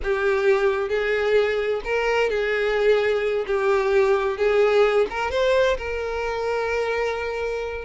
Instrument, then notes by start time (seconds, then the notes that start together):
violin
0.03 G4
0.89 G#4
1.84 A#4
2.30 G#4
3.46 G4
4.37 G#4
5.10 A#4
5.31 C5
5.77 A#4